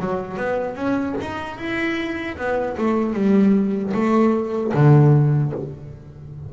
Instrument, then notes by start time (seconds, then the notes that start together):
double bass
0.00 F#3
0.37 B3
0.76 C#4
1.21 D#4
1.58 E4
2.37 B3
2.77 A3
3.14 G3
3.94 A3
4.74 D3